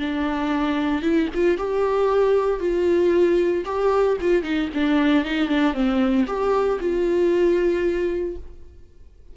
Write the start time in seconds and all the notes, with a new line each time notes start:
0.00 D4
1.03 E4
1.35 F4
1.58 G4
2.60 F4
3.65 G4
4.21 F4
4.43 D#4
4.75 D4
5.25 D#4
5.49 D4
5.74 C4
6.27 G4
6.80 F4